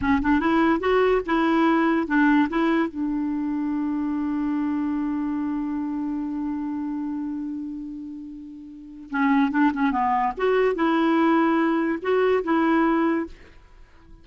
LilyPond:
\new Staff \with { instrumentName = "clarinet" } { \time 4/4 \tempo 4 = 145 cis'8 d'8 e'4 fis'4 e'4~ | e'4 d'4 e'4 d'4~ | d'1~ | d'1~ |
d'1~ | d'2 cis'4 d'8 cis'8 | b4 fis'4 e'2~ | e'4 fis'4 e'2 | }